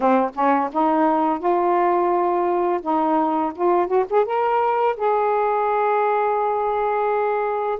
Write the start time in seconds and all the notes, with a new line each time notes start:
0.00 C4
0.34 C#4
0.72 D#4
1.39 F4
2.82 D#4
3.55 F4
3.87 F#4
4.09 G#4
4.25 A#4
4.96 G#4